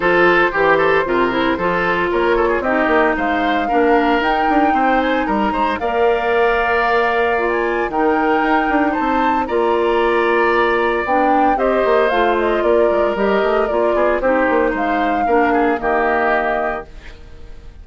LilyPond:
<<
  \new Staff \with { instrumentName = "flute" } { \time 4/4 \tempo 4 = 114 c''1 | cis''4 dis''4 f''2 | g''4. gis''8 ais''4 f''4~ | f''2~ f''16 gis''8. g''4~ |
g''4 a''4 ais''2~ | ais''4 g''4 dis''4 f''8 dis''8 | d''4 dis''4 d''4 c''4 | f''2 dis''2 | }
  \new Staff \with { instrumentName = "oboe" } { \time 4/4 a'4 g'8 a'8 ais'4 a'4 | ais'8 a'16 gis'16 g'4 c''4 ais'4~ | ais'4 c''4 ais'8 c''8 d''4~ | d''2. ais'4~ |
ais'4 c''4 d''2~ | d''2 c''2 | ais'2~ ais'8 gis'8 g'4 | c''4 ais'8 gis'8 g'2 | }
  \new Staff \with { instrumentName = "clarinet" } { \time 4/4 f'4 g'4 f'8 e'8 f'4~ | f'4 dis'2 d'4 | dis'2. ais'4~ | ais'2 f'4 dis'4~ |
dis'2 f'2~ | f'4 d'4 g'4 f'4~ | f'4 g'4 f'4 dis'4~ | dis'4 d'4 ais2 | }
  \new Staff \with { instrumentName = "bassoon" } { \time 4/4 f4 e4 c4 f4 | ais4 c'8 ais8 gis4 ais4 | dis'8 d'8 c'4 g8 gis8 ais4~ | ais2. dis4 |
dis'8 d'8 c'4 ais2~ | ais4 b4 c'8 ais8 a4 | ais8 gis8 g8 a8 ais8 b8 c'8 ais8 | gis4 ais4 dis2 | }
>>